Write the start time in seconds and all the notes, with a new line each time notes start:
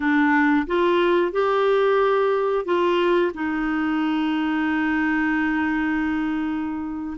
0.00 D4
0.66 F4
1.32 G4
2.65 F4
3.33 D#4